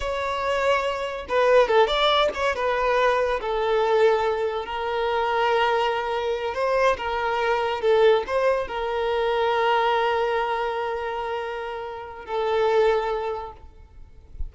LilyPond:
\new Staff \with { instrumentName = "violin" } { \time 4/4 \tempo 4 = 142 cis''2. b'4 | a'8 d''4 cis''8 b'2 | a'2. ais'4~ | ais'2.~ ais'8 c''8~ |
c''8 ais'2 a'4 c''8~ | c''8 ais'2.~ ais'8~ | ais'1~ | ais'4 a'2. | }